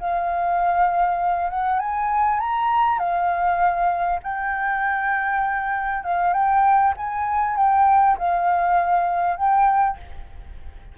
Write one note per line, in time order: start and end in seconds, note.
0.00 1.50 F5
1.50 1.79 F#5
1.79 2.40 G#5
2.40 2.99 A#5
2.99 4.20 F5
4.23 6.04 G5
6.04 6.33 F5
6.33 6.94 G5
6.97 7.57 G#5
7.57 8.17 G5
8.18 9.37 F5
9.37 9.97 G5